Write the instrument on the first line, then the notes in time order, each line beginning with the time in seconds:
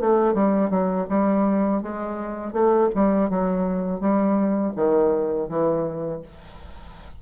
bassoon
0.00 A3
0.34 G3
0.70 F#3
1.09 G3
1.83 G#3
2.53 A3
2.95 G3
3.30 F#3
4.00 G3
4.76 D#3
5.49 E3